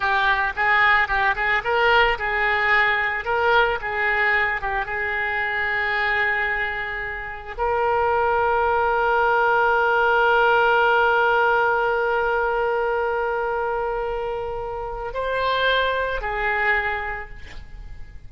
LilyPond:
\new Staff \with { instrumentName = "oboe" } { \time 4/4 \tempo 4 = 111 g'4 gis'4 g'8 gis'8 ais'4 | gis'2 ais'4 gis'4~ | gis'8 g'8 gis'2.~ | gis'2 ais'2~ |
ais'1~ | ais'1~ | ais'1 | c''2 gis'2 | }